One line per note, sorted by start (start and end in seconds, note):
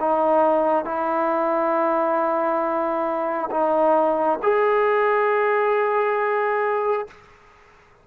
0.00 0.85 D#4
0.85 3.50 E4
3.51 4.39 D#4
4.42 7.07 G#4